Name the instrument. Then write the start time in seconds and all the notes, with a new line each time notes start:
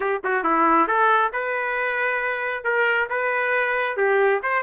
trumpet
0.00 G4
0.24 F#4
0.43 E4
0.87 A4
1.32 B4
2.64 A#4
3.09 B4
3.96 G4
4.42 C5